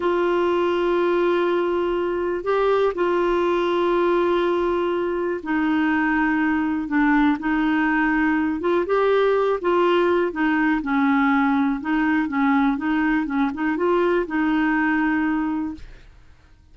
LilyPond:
\new Staff \with { instrumentName = "clarinet" } { \time 4/4 \tempo 4 = 122 f'1~ | f'4 g'4 f'2~ | f'2. dis'4~ | dis'2 d'4 dis'4~ |
dis'4. f'8 g'4. f'8~ | f'4 dis'4 cis'2 | dis'4 cis'4 dis'4 cis'8 dis'8 | f'4 dis'2. | }